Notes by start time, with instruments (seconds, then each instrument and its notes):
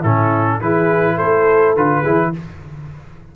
0.00 tuba A2, trombone C#4, horn E4, trumpet A4
0.61 tuba E3, trombone E4, horn G#4, trumpet B4
1.16 tuba A3, horn A4, trumpet C5
1.76 tuba D3, trombone F4, trumpet B4
2.02 tuba E3, trombone E4, horn G#4